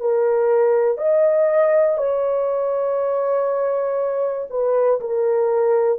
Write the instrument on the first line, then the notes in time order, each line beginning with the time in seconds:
horn
0.00 A#4
0.97 D#5
1.97 C#5
4.50 B4
5.00 A#4